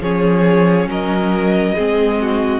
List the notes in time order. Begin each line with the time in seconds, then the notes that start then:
0.00 F3 C#4 G#4 C#5
0.86 F#3 A#4 D#5
1.75 G#3 C4 G#4
2.21 F#4